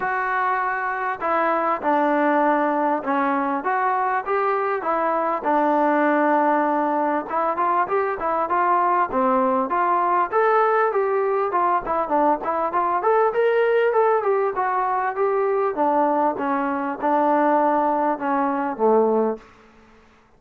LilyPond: \new Staff \with { instrumentName = "trombone" } { \time 4/4 \tempo 4 = 99 fis'2 e'4 d'4~ | d'4 cis'4 fis'4 g'4 | e'4 d'2. | e'8 f'8 g'8 e'8 f'4 c'4 |
f'4 a'4 g'4 f'8 e'8 | d'8 e'8 f'8 a'8 ais'4 a'8 g'8 | fis'4 g'4 d'4 cis'4 | d'2 cis'4 a4 | }